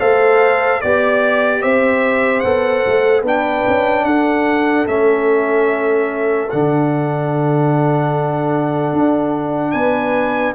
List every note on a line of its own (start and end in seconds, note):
0.00 0.83 A3
0.00 0.81 A4
0.00 0.81 C5
0.00 0.81 F5
0.81 1.63 B3
0.81 2.44 G4
0.81 1.62 D5
1.62 2.44 C4
1.62 3.22 C5
1.62 2.40 E5
2.40 2.85 B3
2.40 3.25 A4
2.40 3.21 F#5
2.87 3.23 A3
3.22 3.64 B3
3.22 4.87 D4
3.22 4.03 B4
3.22 4.05 G5
3.68 4.05 C#4
4.05 4.86 D4
4.05 9.73 A4
4.05 4.86 F#5
4.87 6.50 A3
4.87 6.49 C#4
4.87 6.50 E5
6.50 8.93 D3
6.50 10.55 D4
6.50 9.72 F#5
8.93 9.74 D4
9.72 10.55 B3
9.72 10.54 B4
9.72 10.53 G#5